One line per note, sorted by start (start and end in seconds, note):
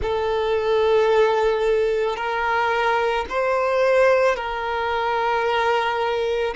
0.01 2.16 A4
2.16 3.25 A#4
3.29 4.36 C5
4.36 6.54 A#4